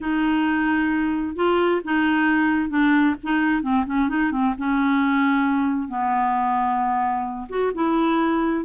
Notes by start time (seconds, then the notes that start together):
0.00 D#4
1.35 F4
1.84 D#4
2.69 D4
3.23 D#4
3.62 C4
3.86 C#4
4.08 D#4
4.31 C4
4.58 C#4
5.88 B3
7.49 F#4
7.74 E4